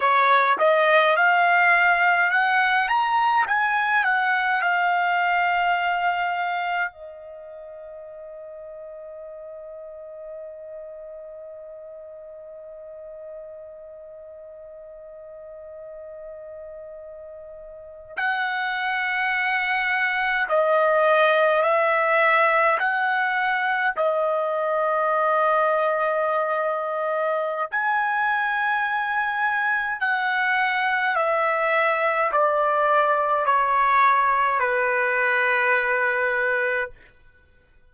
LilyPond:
\new Staff \with { instrumentName = "trumpet" } { \time 4/4 \tempo 4 = 52 cis''8 dis''8 f''4 fis''8 ais''8 gis''8 fis''8 | f''2 dis''2~ | dis''1~ | dis''2.~ dis''8. fis''16~ |
fis''4.~ fis''16 dis''4 e''4 fis''16~ | fis''8. dis''2.~ dis''16 | gis''2 fis''4 e''4 | d''4 cis''4 b'2 | }